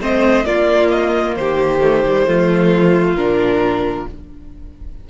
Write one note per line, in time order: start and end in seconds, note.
0.00 0.45 A3
0.00 0.44 C4
0.00 0.46 C5
0.00 0.45 D#5
0.44 1.80 A#3
0.44 1.36 A#3
0.44 1.37 F4
0.44 0.89 D5
0.89 1.34 D#5
1.35 2.27 D#3
1.35 2.27 G4
1.35 3.15 C5
1.80 2.03 A3
2.06 2.26 G3
2.26 3.14 F3
2.26 3.17 A3
2.26 4.09 F4
3.14 4.05 A#2
3.14 4.08 D4
3.14 4.06 A#4